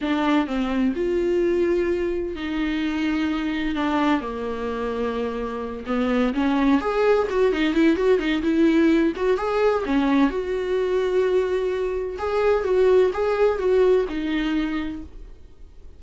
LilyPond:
\new Staff \with { instrumentName = "viola" } { \time 4/4 \tempo 4 = 128 d'4 c'4 f'2~ | f'4 dis'2. | d'4 ais2.~ | ais8 b4 cis'4 gis'4 fis'8 |
dis'8 e'8 fis'8 dis'8 e'4. fis'8 | gis'4 cis'4 fis'2~ | fis'2 gis'4 fis'4 | gis'4 fis'4 dis'2 | }